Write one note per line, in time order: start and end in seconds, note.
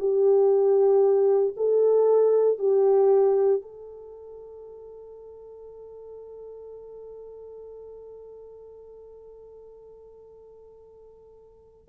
0.00 1.55 G4
1.58 2.59 A4
2.59 3.63 G4
3.63 11.89 A4